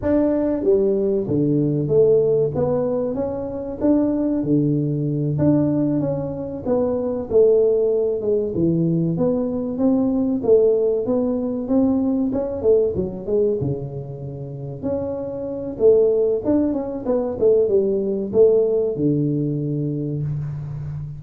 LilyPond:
\new Staff \with { instrumentName = "tuba" } { \time 4/4 \tempo 4 = 95 d'4 g4 d4 a4 | b4 cis'4 d'4 d4~ | d8 d'4 cis'4 b4 a8~ | a4 gis8 e4 b4 c'8~ |
c'8 a4 b4 c'4 cis'8 | a8 fis8 gis8 cis2 cis'8~ | cis'4 a4 d'8 cis'8 b8 a8 | g4 a4 d2 | }